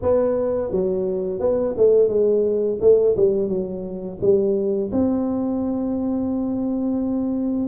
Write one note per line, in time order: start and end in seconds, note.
0.02 0.71 B3
0.71 1.40 F#3
1.40 1.74 B3
1.77 2.08 A3
2.08 2.78 G#3
2.80 3.15 A3
3.16 3.48 G3
3.48 4.18 F#3
4.21 4.91 G3
4.92 7.68 C4